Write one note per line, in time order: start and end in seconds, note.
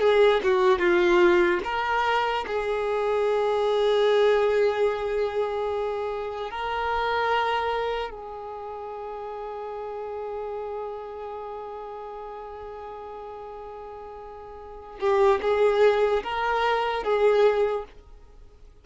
0.00 0.41 G#4
0.43 0.79 F#4
0.79 1.60 F4
1.64 2.45 A#4
2.47 6.51 G#4
6.51 8.10 A#4
8.10 14.99 G#4
15.00 15.40 G4
15.42 16.23 G#4
16.23 17.03 A#4
17.03 17.85 G#4